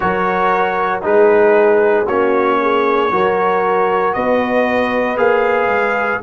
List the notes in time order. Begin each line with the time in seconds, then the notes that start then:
0.00 F#3 F#4 A#4 C#5
1.02 G#3 D#4 G#4 B4
2.05 A#3 C#4 F#4 C#5
2.61 G#4
3.11 F#3 F#4 A#4
4.13 B3 B4 D#5
5.16 A#3 G#4 F5
5.66 G#3